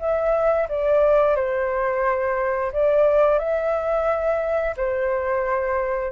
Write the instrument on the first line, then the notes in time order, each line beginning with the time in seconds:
flute
0.00 E5
0.69 D5
1.36 C5
2.73 D5
3.39 E5
4.77 C5